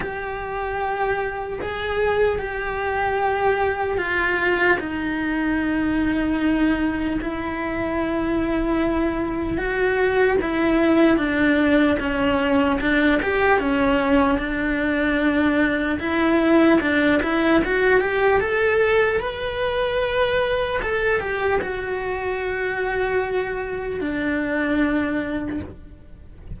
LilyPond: \new Staff \with { instrumentName = "cello" } { \time 4/4 \tempo 4 = 75 g'2 gis'4 g'4~ | g'4 f'4 dis'2~ | dis'4 e'2. | fis'4 e'4 d'4 cis'4 |
d'8 g'8 cis'4 d'2 | e'4 d'8 e'8 fis'8 g'8 a'4 | b'2 a'8 g'8 fis'4~ | fis'2 d'2 | }